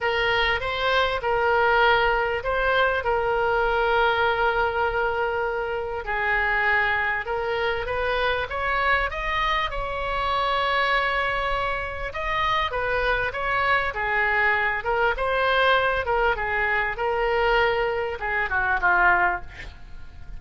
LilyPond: \new Staff \with { instrumentName = "oboe" } { \time 4/4 \tempo 4 = 99 ais'4 c''4 ais'2 | c''4 ais'2.~ | ais'2 gis'2 | ais'4 b'4 cis''4 dis''4 |
cis''1 | dis''4 b'4 cis''4 gis'4~ | gis'8 ais'8 c''4. ais'8 gis'4 | ais'2 gis'8 fis'8 f'4 | }